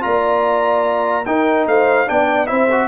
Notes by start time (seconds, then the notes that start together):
0.00 A#3 F4 D5 A#5
1.25 D#4 A#4 G5
1.66 A3 C5 F5
2.06 B3 D4 D5 G5
2.46 C4 E4 C5 E5
2.71 F#4